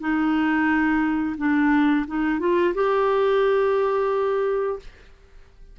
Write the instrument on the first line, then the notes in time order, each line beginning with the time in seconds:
clarinet
0.00 D#4
1.38 D4
2.08 D#4
2.40 F4
2.75 G4